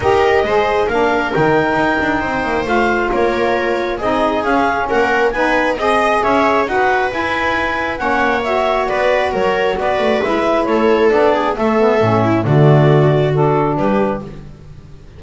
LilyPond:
<<
  \new Staff \with { instrumentName = "clarinet" } { \time 4/4 \tempo 4 = 135 dis''2 f''4 g''4~ | g''2 f''4 cis''4~ | cis''4 dis''4 f''4 fis''4 | gis''4 dis''4 e''4 fis''4 |
gis''2 fis''4 e''4 | d''4 cis''4 d''4 e''4 | cis''4 d''4 e''2 | d''2 a'4 b'4 | }
  \new Staff \with { instrumentName = "viola" } { \time 4/4 ais'4 c''4 ais'2~ | ais'4 c''2 ais'4~ | ais'4 gis'2 ais'4 | b'4 dis''4 cis''4 b'4~ |
b'2 cis''2 | b'4 ais'4 b'2 | a'4. gis'8 a'4. e'8 | fis'2. g'4 | }
  \new Staff \with { instrumentName = "saxophone" } { \time 4/4 g'4 gis'4 d'4 dis'4~ | dis'2 f'2~ | f'4 dis'4 cis'2 | dis'4 gis'2 fis'4 |
e'2 cis'4 fis'4~ | fis'2. e'4~ | e'4 d'4 a8 b8 cis'4 | a2 d'2 | }
  \new Staff \with { instrumentName = "double bass" } { \time 4/4 dis'4 gis4 ais4 dis4 | dis'8 d'8 c'8 ais8 a4 ais4~ | ais4 c'4 cis'4 ais4 | b4 c'4 cis'4 dis'4 |
e'2 ais2 | b4 fis4 b8 a8 gis4 | a4 b4 a4 a,4 | d2. g4 | }
>>